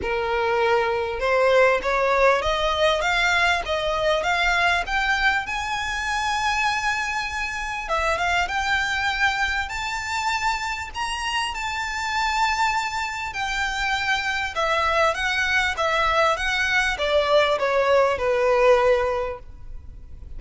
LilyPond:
\new Staff \with { instrumentName = "violin" } { \time 4/4 \tempo 4 = 99 ais'2 c''4 cis''4 | dis''4 f''4 dis''4 f''4 | g''4 gis''2.~ | gis''4 e''8 f''8 g''2 |
a''2 ais''4 a''4~ | a''2 g''2 | e''4 fis''4 e''4 fis''4 | d''4 cis''4 b'2 | }